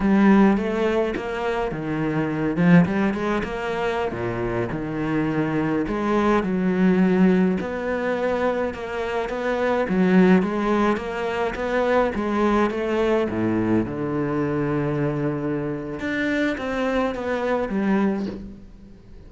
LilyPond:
\new Staff \with { instrumentName = "cello" } { \time 4/4 \tempo 4 = 105 g4 a4 ais4 dis4~ | dis8 f8 g8 gis8 ais4~ ais16 ais,8.~ | ais,16 dis2 gis4 fis8.~ | fis4~ fis16 b2 ais8.~ |
ais16 b4 fis4 gis4 ais8.~ | ais16 b4 gis4 a4 a,8.~ | a,16 d2.~ d8. | d'4 c'4 b4 g4 | }